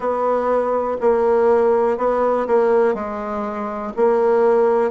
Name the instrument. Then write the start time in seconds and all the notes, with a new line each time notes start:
bassoon
0.00 B3
1.01 A#3
1.97 B3
2.47 A#3
2.94 G#3
3.96 A#3